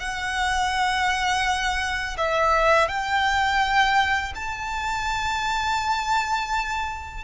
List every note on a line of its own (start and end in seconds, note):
0.00 2.17 F#5
2.18 2.88 E5
2.88 4.33 G5
4.35 7.25 A5